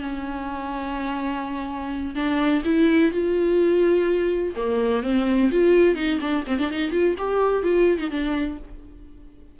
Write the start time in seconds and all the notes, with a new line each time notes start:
0.00 C#4
2.15 D4
2.64 E4
3.11 F4
4.56 A#3
5.03 C4
5.51 F4
5.95 D#4
6.20 D4
6.47 C4
6.58 D4
6.70 D#4
6.91 F4
7.18 G4
7.63 F4
7.98 D#4
8.10 D4